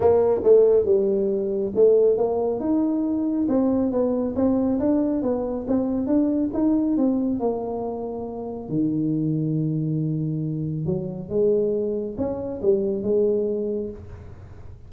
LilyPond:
\new Staff \with { instrumentName = "tuba" } { \time 4/4 \tempo 4 = 138 ais4 a4 g2 | a4 ais4 dis'2 | c'4 b4 c'4 d'4 | b4 c'4 d'4 dis'4 |
c'4 ais2. | dis1~ | dis4 fis4 gis2 | cis'4 g4 gis2 | }